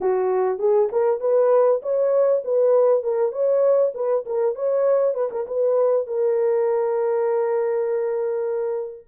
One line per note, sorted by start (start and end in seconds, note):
0.00 0.58 F#4
0.58 0.89 G#4
0.91 1.20 A#4
1.20 1.81 B4
1.82 2.42 C#5
2.44 3.03 B4
3.03 3.31 A#4
3.31 3.92 C#5
3.94 4.24 B4
4.25 4.55 A#4
4.55 5.14 C#5
5.14 5.29 B4
5.31 5.46 A#4
5.47 6.06 B4
6.06 9.07 A#4